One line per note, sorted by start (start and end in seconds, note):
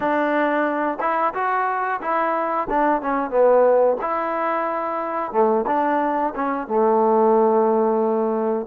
0.00 0.98 D4
1.00 1.33 E4
1.33 2.00 F#4
2.01 2.67 E4
2.69 3.01 D4
3.01 3.30 C#4
3.30 3.97 B3
4.01 5.32 E4
5.32 5.65 A3
5.67 6.33 D4
6.35 6.67 C#4
6.67 8.66 A3